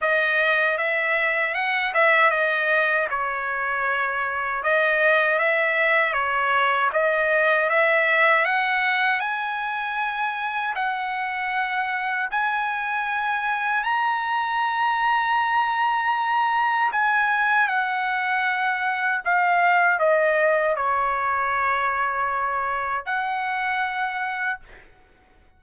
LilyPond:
\new Staff \with { instrumentName = "trumpet" } { \time 4/4 \tempo 4 = 78 dis''4 e''4 fis''8 e''8 dis''4 | cis''2 dis''4 e''4 | cis''4 dis''4 e''4 fis''4 | gis''2 fis''2 |
gis''2 ais''2~ | ais''2 gis''4 fis''4~ | fis''4 f''4 dis''4 cis''4~ | cis''2 fis''2 | }